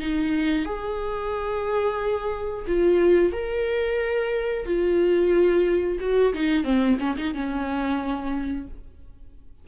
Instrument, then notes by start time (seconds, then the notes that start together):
viola
0.00 D#4
0.65 G#4
2.68 F4
3.33 A#4
4.66 F4
6.00 F#4
6.34 D#4
6.64 C4
7.00 C#4
7.18 D#4
7.35 C#4